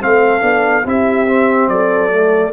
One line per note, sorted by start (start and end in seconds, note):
0.00 0.42 A3
0.00 0.40 C4
0.00 0.86 A4
0.00 0.87 F5
0.40 0.84 B3
0.40 0.82 D4
0.85 1.67 C4
0.85 1.27 E4
0.85 1.71 G4
0.85 1.68 E5
1.27 2.11 C4
1.67 2.52 F#3
1.67 2.53 A4
1.67 2.53 D5
2.11 2.53 A3